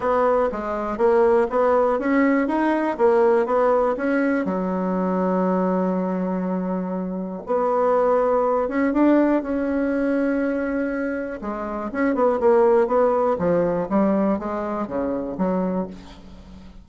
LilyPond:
\new Staff \with { instrumentName = "bassoon" } { \time 4/4 \tempo 4 = 121 b4 gis4 ais4 b4 | cis'4 dis'4 ais4 b4 | cis'4 fis2.~ | fis2. b4~ |
b4. cis'8 d'4 cis'4~ | cis'2. gis4 | cis'8 b8 ais4 b4 f4 | g4 gis4 cis4 fis4 | }